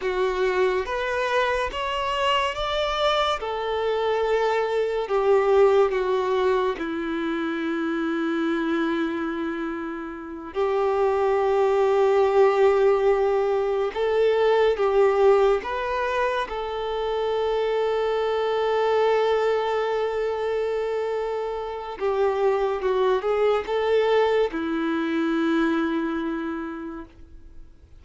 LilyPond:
\new Staff \with { instrumentName = "violin" } { \time 4/4 \tempo 4 = 71 fis'4 b'4 cis''4 d''4 | a'2 g'4 fis'4 | e'1~ | e'8 g'2.~ g'8~ |
g'8 a'4 g'4 b'4 a'8~ | a'1~ | a'2 g'4 fis'8 gis'8 | a'4 e'2. | }